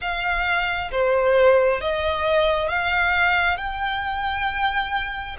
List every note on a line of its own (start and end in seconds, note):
0.01 0.90 F5
0.91 1.80 C5
1.81 2.69 D#5
2.69 3.57 F5
3.57 5.36 G5